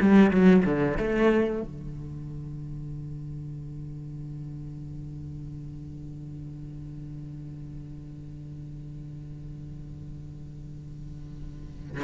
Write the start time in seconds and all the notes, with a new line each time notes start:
0.00 G3
0.30 F#3
0.65 D3
0.97 A3
1.62 D3